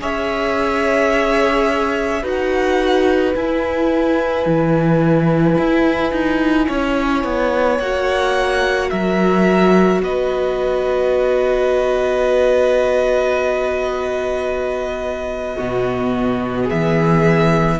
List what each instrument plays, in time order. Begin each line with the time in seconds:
0.00 cello C#4, viola G#4, violin C#5 E5
2.22 cello D#4, viola F#4, violin B4 F#5
3.34 viola E4, cello E4, violin G#5
4.45 cello E3
5.58 cello E4
6.12 cello D#4
6.67 cello C#4, violin C#5
7.24 cello B3
7.79 cello A#3, viola F#4, violin F#5
8.90 cello F#3, violin A#4 E5
10.00 cello B3, violin B4 D#5
15.55 cello B2, viola B3, violin F#4
16.63 violin G#4 E5
16.71 cello E3